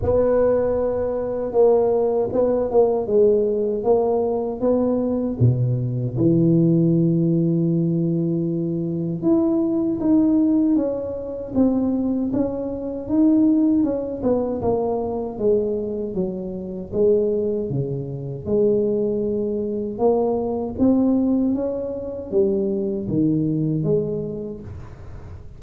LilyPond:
\new Staff \with { instrumentName = "tuba" } { \time 4/4 \tempo 4 = 78 b2 ais4 b8 ais8 | gis4 ais4 b4 b,4 | e1 | e'4 dis'4 cis'4 c'4 |
cis'4 dis'4 cis'8 b8 ais4 | gis4 fis4 gis4 cis4 | gis2 ais4 c'4 | cis'4 g4 dis4 gis4 | }